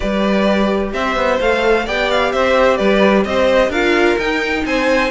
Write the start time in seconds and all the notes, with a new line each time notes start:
0.00 G3 G4 B4 D5
0.93 C4 C5 E5
1.15 B3
1.40 A3 A4 F5
1.85 B3 G4 D5 G5
2.11 F5
2.32 C4 C5 E5
2.76 G3 B4 D5
3.24 C4 C5 D#5
3.69 D4 F4 A#4 F5
4.18 D#4 G5
4.65 C4 C5 G#5